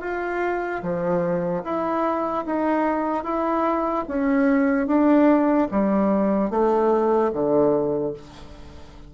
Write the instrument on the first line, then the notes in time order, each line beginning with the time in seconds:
bassoon
0.00 F4
0.82 F3
1.63 E4
2.45 D#4
3.23 E4
4.07 C#4
4.86 D4
5.71 G3
6.50 A3
7.32 D3